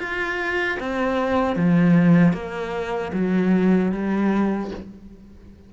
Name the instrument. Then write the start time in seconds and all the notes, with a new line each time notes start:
cello
0.00 F4
0.80 C4
1.56 F3
2.33 A#3
3.14 F#3
3.93 G3